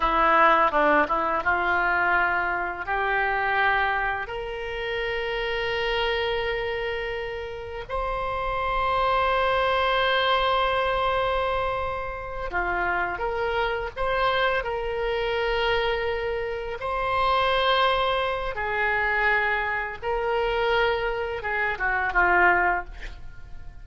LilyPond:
\new Staff \with { instrumentName = "oboe" } { \time 4/4 \tempo 4 = 84 e'4 d'8 e'8 f'2 | g'2 ais'2~ | ais'2. c''4~ | c''1~ |
c''4. f'4 ais'4 c''8~ | c''8 ais'2. c''8~ | c''2 gis'2 | ais'2 gis'8 fis'8 f'4 | }